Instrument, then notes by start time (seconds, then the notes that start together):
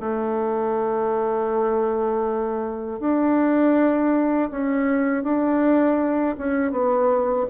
bassoon
0.00 A3
3.00 D4
4.51 C#4
5.24 D4
6.38 C#4
6.72 B3